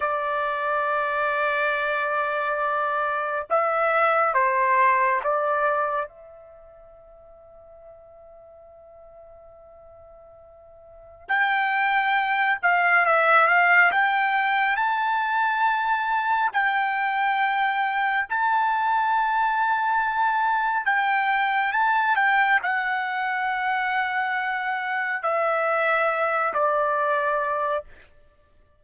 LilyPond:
\new Staff \with { instrumentName = "trumpet" } { \time 4/4 \tempo 4 = 69 d''1 | e''4 c''4 d''4 e''4~ | e''1~ | e''4 g''4. f''8 e''8 f''8 |
g''4 a''2 g''4~ | g''4 a''2. | g''4 a''8 g''8 fis''2~ | fis''4 e''4. d''4. | }